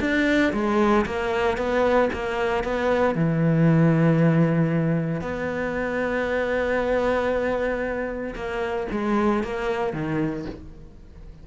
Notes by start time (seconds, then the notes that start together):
0.00 D4
0.53 G#3
1.06 A#3
1.57 B3
2.12 A#3
2.63 B3
3.15 E3
5.21 B3
8.35 A#3
8.91 G#3
9.43 A#3
9.93 D#3